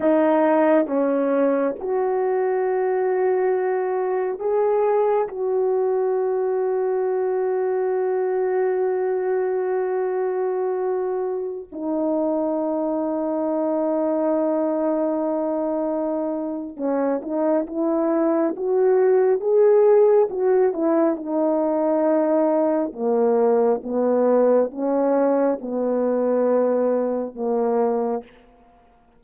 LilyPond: \new Staff \with { instrumentName = "horn" } { \time 4/4 \tempo 4 = 68 dis'4 cis'4 fis'2~ | fis'4 gis'4 fis'2~ | fis'1~ | fis'4~ fis'16 dis'2~ dis'8.~ |
dis'2. cis'8 dis'8 | e'4 fis'4 gis'4 fis'8 e'8 | dis'2 ais4 b4 | cis'4 b2 ais4 | }